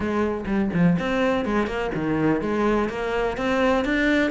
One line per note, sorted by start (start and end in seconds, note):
0.00 0.45 G#3
0.46 0.70 G3
0.73 0.97 F3
0.98 1.45 C4
1.45 1.66 G#3
1.66 1.90 A#3
1.94 2.41 D#3
2.41 2.89 G#3
2.89 3.37 A#3
3.37 3.84 C4
3.84 4.30 D4